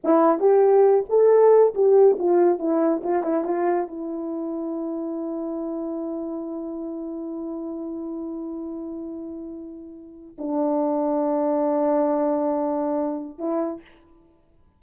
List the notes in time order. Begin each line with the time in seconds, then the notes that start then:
0.04 E4
0.39 G4
1.09 A4
1.74 G4
2.18 F4
2.58 E4
3.03 F4
3.23 E4
3.44 F4
3.87 E4
10.38 D4
13.38 E4